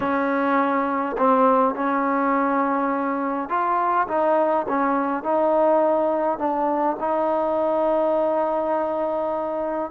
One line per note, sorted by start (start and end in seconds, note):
0.00 1.16 C#4
1.17 1.74 C4
1.74 3.49 C#4
3.49 4.07 F4
4.08 4.66 D#4
4.68 5.23 C#4
5.23 6.38 D#4
6.38 6.96 D4
6.99 9.90 D#4